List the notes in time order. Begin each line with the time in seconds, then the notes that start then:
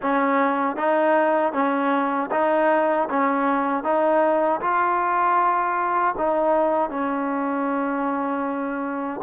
0.02 C#4
0.76 D#4
1.52 C#4
2.31 D#4
3.09 C#4
3.83 D#4
4.60 F4
6.17 D#4
6.90 C#4